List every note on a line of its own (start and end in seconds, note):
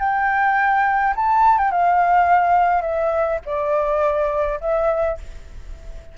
0.00 1.14 G5
1.16 1.58 A5
1.58 1.71 G5
1.71 2.82 F5
2.82 3.39 E5
3.46 4.60 D5
4.61 5.18 E5